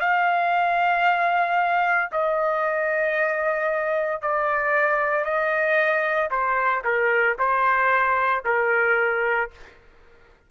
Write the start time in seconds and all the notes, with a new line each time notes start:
0.00 F5
2.11 D#5
4.22 D5
5.24 D#5
6.31 C5
6.84 A#4
7.39 C5
8.45 A#4